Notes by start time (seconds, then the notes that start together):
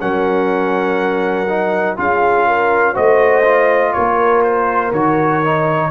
0.00 F#3 C#4 A#4 F#5
1.49 D#4
1.97 C#4 F4 G#4 F5
2.47 A#4
2.93 A3 F#4 C5 D#5
3.45 F4
3.93 A#3 A#4 C#5
4.43 C5
4.92 D#3 F#4 C#5
5.43 D#4